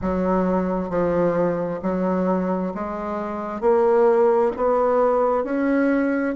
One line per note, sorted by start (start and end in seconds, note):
0.01 0.89 F#3
0.89 1.80 F3
1.82 2.73 F#3
2.74 3.60 G#3
3.60 4.51 A#3
4.56 5.44 B3
5.44 6.35 C#4